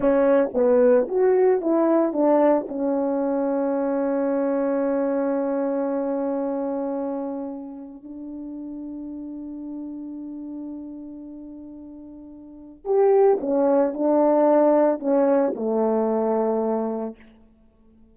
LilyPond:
\new Staff \with { instrumentName = "horn" } { \time 4/4 \tempo 4 = 112 cis'4 b4 fis'4 e'4 | d'4 cis'2.~ | cis'1~ | cis'2. d'4~ |
d'1~ | d'1 | g'4 cis'4 d'2 | cis'4 a2. | }